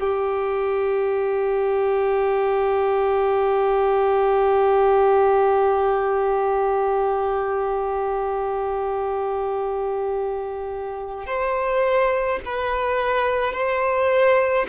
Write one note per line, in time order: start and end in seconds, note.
0.00 11.26 G4
11.26 12.40 C5
12.45 13.53 B4
13.53 14.66 C5